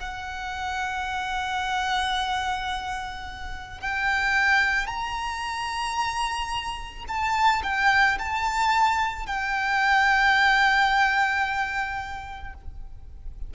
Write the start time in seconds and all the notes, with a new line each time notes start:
0.00 F#5
3.81 G5
4.87 A#5
7.08 A5
7.64 G5
8.19 A5
9.27 G5